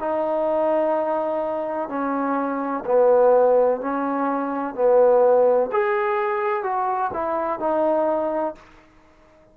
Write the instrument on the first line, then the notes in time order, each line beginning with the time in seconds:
trombone
0.00 D#4
1.89 C#4
2.85 B3
3.81 C#4
4.74 B3
5.72 G#4
6.63 F#4
7.13 E4
7.59 D#4